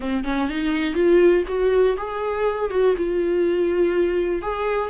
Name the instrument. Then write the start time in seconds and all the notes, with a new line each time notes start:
viola
0.00 C4
0.24 C#4
0.48 D#4
0.94 F4
1.47 F#4
1.97 G#4
2.70 F#4
2.97 F4
4.42 G#4